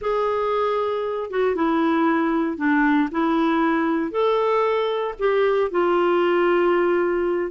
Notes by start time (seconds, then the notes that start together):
0.01 G#4
1.30 F#4
1.55 E4
2.57 D4
3.11 E4
4.11 A4
5.19 G4
5.70 F4